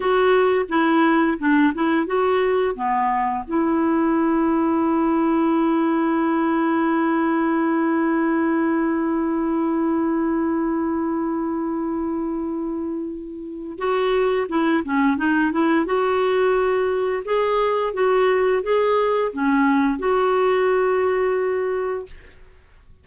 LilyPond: \new Staff \with { instrumentName = "clarinet" } { \time 4/4 \tempo 4 = 87 fis'4 e'4 d'8 e'8 fis'4 | b4 e'2.~ | e'1~ | e'1~ |
e'1 | fis'4 e'8 cis'8 dis'8 e'8 fis'4~ | fis'4 gis'4 fis'4 gis'4 | cis'4 fis'2. | }